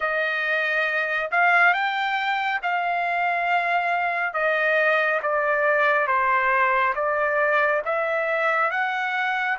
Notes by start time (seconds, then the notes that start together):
0.00 D#5
1.31 F5
1.73 G5
2.62 F5
4.33 D#5
5.22 D5
6.07 C5
6.95 D5
7.85 E5
8.70 F#5